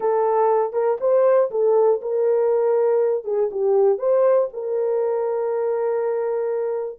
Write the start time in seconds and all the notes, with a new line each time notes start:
0.00 A4
0.72 A#4
1.00 C5
1.50 A4
2.01 A#4
3.24 G#4
3.51 G4
3.98 C5
4.53 A#4